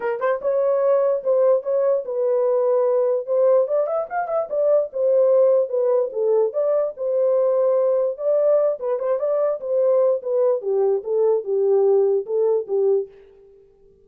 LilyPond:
\new Staff \with { instrumentName = "horn" } { \time 4/4 \tempo 4 = 147 ais'8 c''8 cis''2 c''4 | cis''4 b'2. | c''4 d''8 e''8 f''8 e''8 d''4 | c''2 b'4 a'4 |
d''4 c''2. | d''4. b'8 c''8 d''4 c''8~ | c''4 b'4 g'4 a'4 | g'2 a'4 g'4 | }